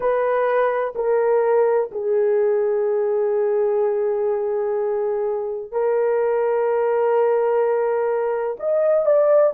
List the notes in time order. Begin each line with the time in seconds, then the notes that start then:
0.00 B4
0.95 A#4
1.91 G#4
5.71 A#4
8.59 D#5
9.05 D5